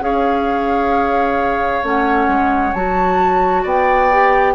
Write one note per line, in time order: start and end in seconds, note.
0.00 1.82 C#4
0.00 1.82 G#4
0.00 3.63 C#5
0.00 1.84 F5
1.83 2.27 A3
1.83 2.74 C#4
1.83 2.73 F#5
2.27 2.73 G#3
2.73 3.64 F#3
2.73 4.11 F#4
2.73 3.64 A5
3.63 4.55 B3
3.63 4.54 D5
3.63 4.55 G5
4.11 4.55 G4